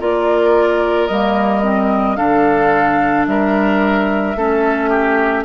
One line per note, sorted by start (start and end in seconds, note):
0.00 1.09 A#3
0.00 1.10 F4
0.00 2.17 A#4
0.00 1.07 D5
1.07 2.18 G3
1.07 1.63 A#3
1.07 2.16 D#5
1.63 2.16 C4
2.16 3.27 D3
2.16 4.35 D4
2.16 3.26 A4
2.16 3.25 F5
3.27 4.36 G3
3.27 4.37 A#4
3.27 5.45 E5
4.36 5.45 A3
4.36 5.45 C#4
4.36 4.90 A4
4.90 5.44 G4